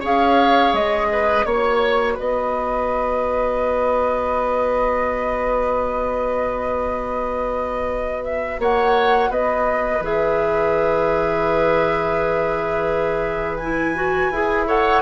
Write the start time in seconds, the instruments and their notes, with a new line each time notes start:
0.00 bassoon C#4, clarinet G#4, oboe C#5, flute F5
0.73 bassoon G#3, flute D#5
1.12 oboe B4
1.45 bassoon A#3, clarinet F#4, flute C#5, oboe C#5
2.14 bassoon B3, oboe B4, flute D#5
8.24 flute E5
8.59 bassoon A#3, oboe C#5, flute F#5
9.29 bassoon B3, oboe B4, flute D#5
10.00 bassoon E3, clarinet G#4, flute E5
13.57 clarinet E4, flute G#5
13.95 clarinet F#4
14.31 bassoon E4, clarinet G#4
14.67 clarinet A4, oboe C#5, flute F#5